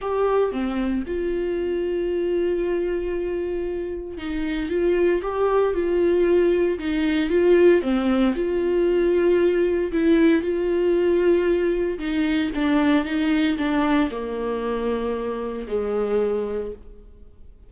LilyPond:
\new Staff \with { instrumentName = "viola" } { \time 4/4 \tempo 4 = 115 g'4 c'4 f'2~ | f'1 | dis'4 f'4 g'4 f'4~ | f'4 dis'4 f'4 c'4 |
f'2. e'4 | f'2. dis'4 | d'4 dis'4 d'4 ais4~ | ais2 gis2 | }